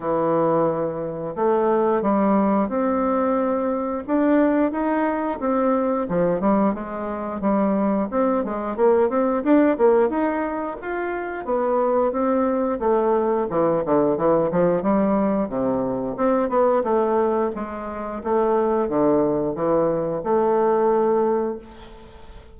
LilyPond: \new Staff \with { instrumentName = "bassoon" } { \time 4/4 \tempo 4 = 89 e2 a4 g4 | c'2 d'4 dis'4 | c'4 f8 g8 gis4 g4 | c'8 gis8 ais8 c'8 d'8 ais8 dis'4 |
f'4 b4 c'4 a4 | e8 d8 e8 f8 g4 c4 | c'8 b8 a4 gis4 a4 | d4 e4 a2 | }